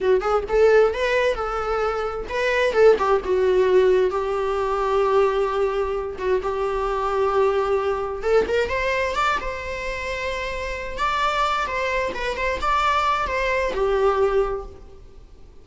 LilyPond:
\new Staff \with { instrumentName = "viola" } { \time 4/4 \tempo 4 = 131 fis'8 gis'8 a'4 b'4 a'4~ | a'4 b'4 a'8 g'8 fis'4~ | fis'4 g'2.~ | g'4. fis'8 g'2~ |
g'2 a'8 ais'8 c''4 | d''8 c''2.~ c''8 | d''4. c''4 b'8 c''8 d''8~ | d''4 c''4 g'2 | }